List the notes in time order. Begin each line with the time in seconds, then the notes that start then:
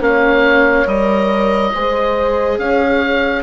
0.00 A#3 C#4 C#5 F5
0.86 G3 A#4 D#5
1.74 G#3 G#4 C5
2.58 C#4 C#5 F5